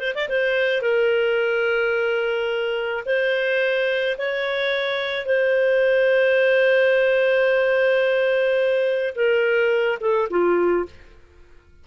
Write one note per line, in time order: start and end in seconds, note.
0.00 0.14 C5
0.15 0.29 D5
0.29 0.82 C5
0.82 3.04 A#4
3.06 4.17 C5
4.18 5.26 C#5
5.26 9.15 C5
9.16 9.99 A#4
10.01 10.29 A4
10.31 10.86 F4